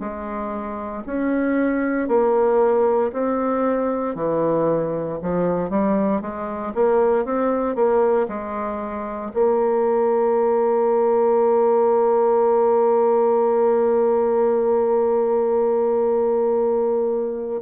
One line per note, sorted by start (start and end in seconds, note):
0.00 1.03 G#3
1.07 2.08 C#4
2.08 3.12 A#3
3.13 4.15 C4
4.15 5.19 E3
5.22 5.70 F3
5.70 6.22 G3
6.22 6.73 G#3
6.75 7.25 A#3
7.25 7.75 C4
7.75 8.27 A#3
8.29 9.32 G#3
9.34 17.62 A#3